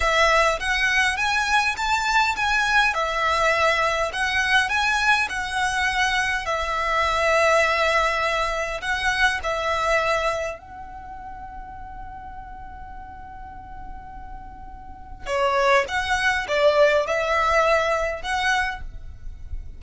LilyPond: \new Staff \with { instrumentName = "violin" } { \time 4/4 \tempo 4 = 102 e''4 fis''4 gis''4 a''4 | gis''4 e''2 fis''4 | gis''4 fis''2 e''4~ | e''2. fis''4 |
e''2 fis''2~ | fis''1~ | fis''2 cis''4 fis''4 | d''4 e''2 fis''4 | }